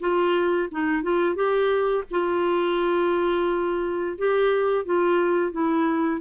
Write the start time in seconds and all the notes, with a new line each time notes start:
0.00 F4
0.71 D#4
1.03 F4
1.35 G4
2.11 F4
4.18 G4
4.85 F4
5.52 E4